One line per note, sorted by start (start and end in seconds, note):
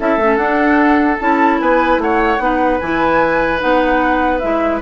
0.00 0.18 C#4
0.00 0.20 E4
0.00 1.61 A4
0.00 0.37 E5
0.18 0.38 A3
0.18 0.40 C#4
0.37 1.18 D4
0.37 1.20 D4
0.37 1.18 F#5
1.19 1.61 C#4
1.19 2.39 E4
1.19 1.59 A5
1.61 1.98 B3
1.61 2.02 B4
1.61 2.01 G#5
1.98 2.39 A3
1.98 2.43 C#5
1.98 2.79 F#5
2.39 2.80 B3
2.39 2.80 D#4
2.39 4.82 B4
2.79 3.62 E3
2.79 3.60 E4
2.79 3.60 G#5
3.60 4.44 B3
3.60 4.40 D#4
3.60 4.39 F#5
4.39 4.82 G#3
4.39 4.82 E4
4.39 4.80 E5